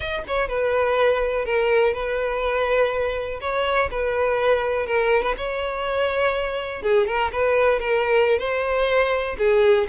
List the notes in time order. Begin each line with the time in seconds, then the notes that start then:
0.00 D#5
0.27 C#5
0.48 B4
1.45 A#4
1.93 B4
3.41 C#5
3.90 B4
4.86 A#4
5.22 B4
5.37 C#5
6.82 G#4
7.06 A#4
7.32 B4
7.79 A#4
8.38 C5
9.38 G#4